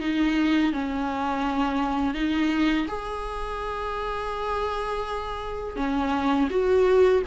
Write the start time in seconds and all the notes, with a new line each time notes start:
0.00 D#4
0.72 C#4
2.14 D#4
2.88 G#4
5.76 C#4
6.50 F#4